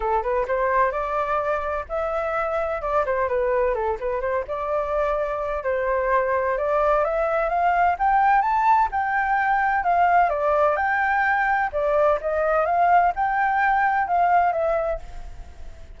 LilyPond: \new Staff \with { instrumentName = "flute" } { \time 4/4 \tempo 4 = 128 a'8 b'8 c''4 d''2 | e''2 d''8 c''8 b'4 | a'8 b'8 c''8 d''2~ d''8 | c''2 d''4 e''4 |
f''4 g''4 a''4 g''4~ | g''4 f''4 d''4 g''4~ | g''4 d''4 dis''4 f''4 | g''2 f''4 e''4 | }